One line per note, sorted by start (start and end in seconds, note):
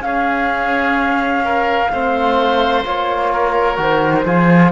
0.00 1.88 C#4
0.00 1.91 C#4
0.00 1.44 G#4
0.00 2.83 F5
1.44 1.91 A#4
1.91 2.85 A3
1.91 2.84 C4
1.91 3.33 C5
2.84 3.78 A#3
2.84 3.76 F4
2.84 3.79 C#5
3.33 4.25 A#4
3.76 4.24 D#3
3.76 4.23 F#4
3.82 4.72 C5
4.25 4.72 F3
4.25 4.72 F4
4.25 4.72 G#4